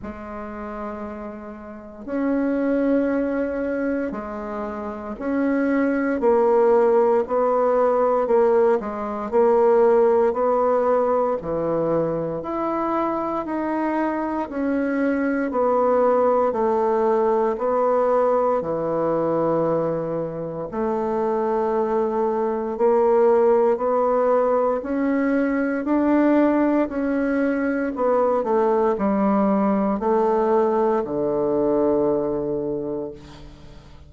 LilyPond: \new Staff \with { instrumentName = "bassoon" } { \time 4/4 \tempo 4 = 58 gis2 cis'2 | gis4 cis'4 ais4 b4 | ais8 gis8 ais4 b4 e4 | e'4 dis'4 cis'4 b4 |
a4 b4 e2 | a2 ais4 b4 | cis'4 d'4 cis'4 b8 a8 | g4 a4 d2 | }